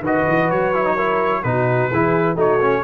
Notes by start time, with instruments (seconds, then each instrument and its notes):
0.00 tuba D#3, trombone F#4, horn B4
0.06 trumpet D#5
0.28 tuba E3
0.50 tuba F#3, trumpet C#5
0.74 trombone E4
0.85 trombone D#4
0.94 trombone E4, horn A#4
1.43 tuba B2, trombone D#4, horn F#4, trumpet B4
1.91 tuba E3, trombone E4, horn G#4
2.35 tuba A3, trombone D#4, horn F#4, trumpet C#5
2.61 trombone C#4